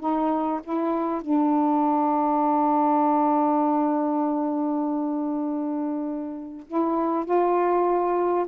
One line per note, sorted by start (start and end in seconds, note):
0.00 0.61 D#4
0.64 1.22 E4
1.22 6.67 D4
6.67 7.25 E4
7.25 8.47 F4